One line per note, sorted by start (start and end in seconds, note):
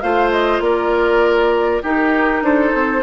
0.00 0.60 A3
0.00 1.83 F4
0.00 0.63 C5
0.00 0.30 F5
0.31 0.61 D#5
0.60 1.81 A#3
0.60 1.83 A#4
0.60 1.83 D5
1.83 3.02 D#4
1.83 2.42 D#4
1.83 2.43 G4
1.83 2.44 A#4
2.42 2.72 D4
2.42 3.02 A4
2.42 3.02 C5
2.74 3.02 C4